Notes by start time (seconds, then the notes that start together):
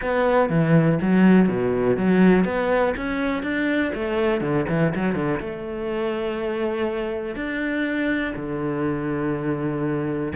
0.01 B3
0.49 E3
1.01 F#3
1.48 B2
1.96 F#3
2.44 B3
2.96 C#4
3.42 D4
3.94 A3
4.41 D3
4.69 E3
4.95 F#3
5.14 D3
5.40 A3
7.35 D4
8.36 D3